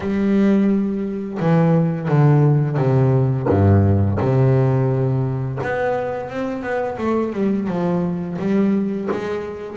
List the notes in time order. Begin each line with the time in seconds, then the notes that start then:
0.00 G3
1.39 E3
2.08 D3
2.77 C3
3.49 G2
4.19 C3
5.63 B3
6.29 C4
6.62 B3
6.98 A3
7.32 G3
7.67 F3
8.38 G3
9.10 G#3